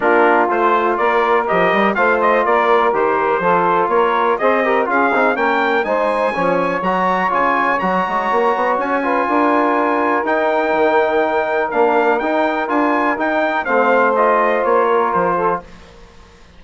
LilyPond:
<<
  \new Staff \with { instrumentName = "trumpet" } { \time 4/4 \tempo 4 = 123 ais'4 c''4 d''4 dis''4 | f''8 dis''8 d''4 c''2 | cis''4 dis''4 f''4 g''4 | gis''2 ais''4 gis''4 |
ais''2 gis''2~ | gis''4 g''2. | f''4 g''4 gis''4 g''4 | f''4 dis''4 cis''4 c''4 | }
  \new Staff \with { instrumentName = "saxophone" } { \time 4/4 f'2 ais'2 | c''4 ais'2 a'4 | ais'4 c''8 ais'8 gis'4 ais'4 | c''4 cis''2.~ |
cis''2~ cis''8 b'8 ais'4~ | ais'1~ | ais'1 | c''2~ c''8 ais'4 a'8 | }
  \new Staff \with { instrumentName = "trombone" } { \time 4/4 d'4 f'2 g'4 | f'2 g'4 f'4~ | f'4 gis'8 g'8 f'8 dis'8 cis'4 | dis'4 cis'4 fis'4 f'4 |
fis'2~ fis'8 f'4.~ | f'4 dis'2. | d'4 dis'4 f'4 dis'4 | c'4 f'2. | }
  \new Staff \with { instrumentName = "bassoon" } { \time 4/4 ais4 a4 ais4 f8 g8 | a4 ais4 dis4 f4 | ais4 c'4 cis'8 c'8 ais4 | gis4 f4 fis4 cis4 |
fis8 gis8 ais8 b8 cis'4 d'4~ | d'4 dis'4 dis2 | ais4 dis'4 d'4 dis'4 | a2 ais4 f4 | }
>>